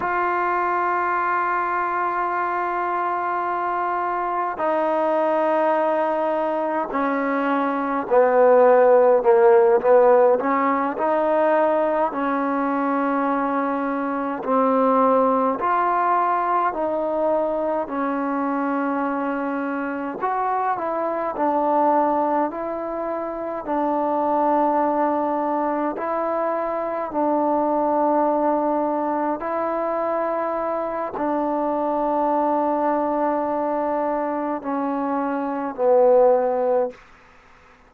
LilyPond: \new Staff \with { instrumentName = "trombone" } { \time 4/4 \tempo 4 = 52 f'1 | dis'2 cis'4 b4 | ais8 b8 cis'8 dis'4 cis'4.~ | cis'8 c'4 f'4 dis'4 cis'8~ |
cis'4. fis'8 e'8 d'4 e'8~ | e'8 d'2 e'4 d'8~ | d'4. e'4. d'4~ | d'2 cis'4 b4 | }